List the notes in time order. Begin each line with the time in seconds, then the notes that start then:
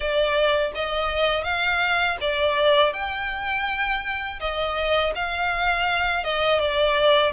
0.00 D5
0.75 D#5
1.44 F5
2.21 D5
2.93 G5
4.39 D#5
5.15 F5
6.24 D#5
6.59 D5